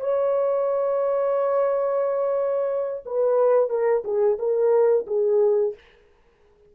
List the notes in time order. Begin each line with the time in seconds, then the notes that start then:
0.00 C#5
3.05 B4
3.69 A#4
4.04 G#4
4.39 A#4
5.07 G#4